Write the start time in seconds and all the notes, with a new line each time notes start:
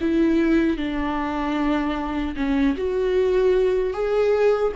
0.00 E4
0.76 D4
2.36 C#4
2.76 F#4
3.93 G#4